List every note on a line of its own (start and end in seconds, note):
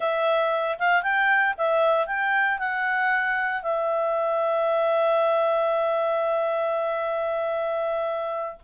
0.00 0.78 E5
0.78 1.02 F5
1.02 1.55 G5
1.57 2.07 E5
2.07 2.58 G5
2.58 3.62 F#5
3.62 8.58 E5